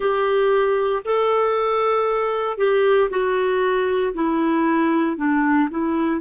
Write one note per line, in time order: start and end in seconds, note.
0.00 1.03 G4
1.04 2.57 A4
2.57 3.09 G4
3.10 4.13 F#4
4.14 5.17 E4
5.17 5.68 D4
5.69 6.21 E4